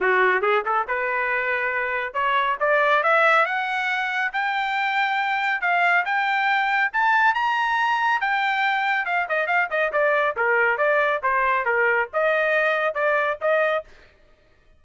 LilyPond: \new Staff \with { instrumentName = "trumpet" } { \time 4/4 \tempo 4 = 139 fis'4 gis'8 a'8 b'2~ | b'4 cis''4 d''4 e''4 | fis''2 g''2~ | g''4 f''4 g''2 |
a''4 ais''2 g''4~ | g''4 f''8 dis''8 f''8 dis''8 d''4 | ais'4 d''4 c''4 ais'4 | dis''2 d''4 dis''4 | }